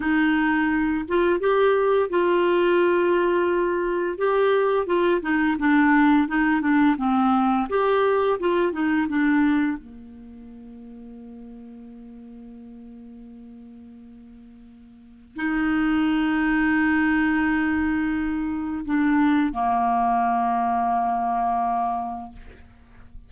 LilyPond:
\new Staff \with { instrumentName = "clarinet" } { \time 4/4 \tempo 4 = 86 dis'4. f'8 g'4 f'4~ | f'2 g'4 f'8 dis'8 | d'4 dis'8 d'8 c'4 g'4 | f'8 dis'8 d'4 ais2~ |
ais1~ | ais2 dis'2~ | dis'2. d'4 | ais1 | }